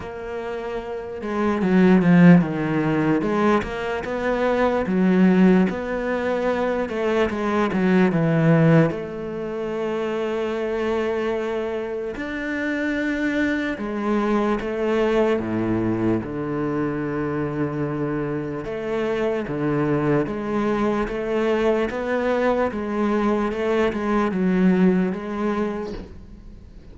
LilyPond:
\new Staff \with { instrumentName = "cello" } { \time 4/4 \tempo 4 = 74 ais4. gis8 fis8 f8 dis4 | gis8 ais8 b4 fis4 b4~ | b8 a8 gis8 fis8 e4 a4~ | a2. d'4~ |
d'4 gis4 a4 a,4 | d2. a4 | d4 gis4 a4 b4 | gis4 a8 gis8 fis4 gis4 | }